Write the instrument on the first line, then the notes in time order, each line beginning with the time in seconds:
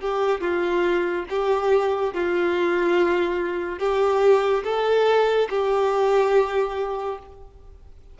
violin
0.00 G4
0.40 F4
1.29 G4
2.13 F4
3.78 G4
4.64 A4
5.49 G4